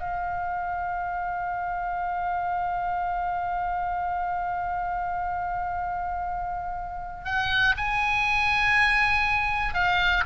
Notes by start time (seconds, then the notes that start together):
0.00 F5
7.25 F#5
7.77 G#5
9.74 F5